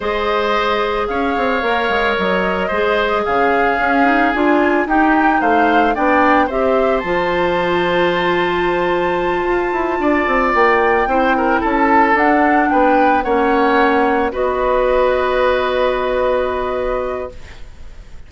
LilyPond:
<<
  \new Staff \with { instrumentName = "flute" } { \time 4/4 \tempo 4 = 111 dis''2 f''2 | dis''2 f''2 | gis''4 g''4 f''4 g''4 | e''4 a''2.~ |
a''2.~ a''8 g''8~ | g''4. a''4 fis''4 g''8~ | g''8 fis''2 dis''4.~ | dis''1 | }
  \new Staff \with { instrumentName = "oboe" } { \time 4/4 c''2 cis''2~ | cis''4 c''4 gis'2~ | gis'4 g'4 c''4 d''4 | c''1~ |
c''2~ c''8 d''4.~ | d''8 c''8 ais'8 a'2 b'8~ | b'8 cis''2 b'4.~ | b'1 | }
  \new Staff \with { instrumentName = "clarinet" } { \time 4/4 gis'2. ais'4~ | ais'4 gis'2 cis'8 dis'8 | f'4 dis'2 d'4 | g'4 f'2.~ |
f'1~ | f'8 e'2 d'4.~ | d'8 cis'2 fis'4.~ | fis'1 | }
  \new Staff \with { instrumentName = "bassoon" } { \time 4/4 gis2 cis'8 c'8 ais8 gis8 | fis4 gis4 cis4 cis'4 | d'4 dis'4 a4 b4 | c'4 f2.~ |
f4. f'8 e'8 d'8 c'8 ais8~ | ais8 c'4 cis'4 d'4 b8~ | b8 ais2 b4.~ | b1 | }
>>